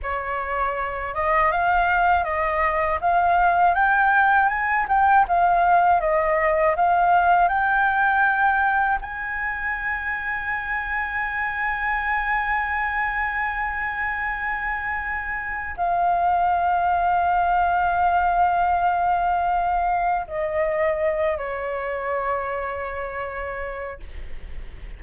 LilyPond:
\new Staff \with { instrumentName = "flute" } { \time 4/4 \tempo 4 = 80 cis''4. dis''8 f''4 dis''4 | f''4 g''4 gis''8 g''8 f''4 | dis''4 f''4 g''2 | gis''1~ |
gis''1~ | gis''4 f''2.~ | f''2. dis''4~ | dis''8 cis''2.~ cis''8 | }